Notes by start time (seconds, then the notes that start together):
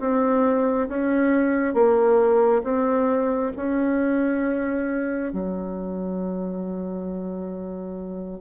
0.00 C4
0.89 C#4
1.74 A#3
2.64 C4
3.57 C#4
5.33 F#3